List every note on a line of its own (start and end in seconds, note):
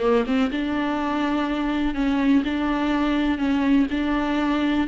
0.00 0.24 A#3
0.26 0.51 C4
0.51 1.94 D4
1.94 2.43 C#4
2.44 3.38 D4
3.38 3.86 C#4
3.91 4.87 D4